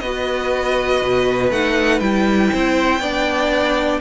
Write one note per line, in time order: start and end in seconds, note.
0.00 1.01 B3
0.00 1.51 F#4
0.00 2.52 B4
0.00 1.50 D#5
1.01 1.50 B2
1.50 2.00 A3
1.50 2.01 D#4
1.50 2.00 F#5
2.00 2.50 G3
2.00 3.01 E4
2.00 4.00 G5
2.52 2.99 C4
2.52 3.01 C5
2.99 3.99 B3
2.99 4.01 D4
2.99 4.01 D5